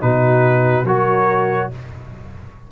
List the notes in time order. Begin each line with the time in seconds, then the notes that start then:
0.00 B2 D#4 F#4 B4
0.84 F#3 F#4 A#4 C#5